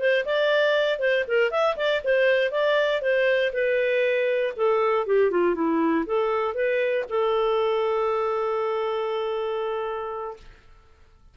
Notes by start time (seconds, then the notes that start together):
0.00 C5
0.25 D5
0.99 C5
1.28 A#4
1.51 E5
1.77 D5
2.04 C5
2.52 D5
3.02 C5
3.53 B4
4.57 A4
5.06 G4
5.31 F4
5.55 E4
6.06 A4
6.55 B4
7.10 A4